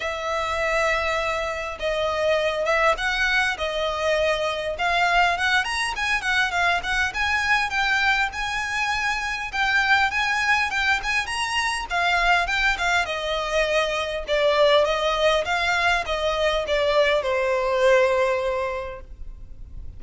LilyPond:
\new Staff \with { instrumentName = "violin" } { \time 4/4 \tempo 4 = 101 e''2. dis''4~ | dis''8 e''8 fis''4 dis''2 | f''4 fis''8 ais''8 gis''8 fis''8 f''8 fis''8 | gis''4 g''4 gis''2 |
g''4 gis''4 g''8 gis''8 ais''4 | f''4 g''8 f''8 dis''2 | d''4 dis''4 f''4 dis''4 | d''4 c''2. | }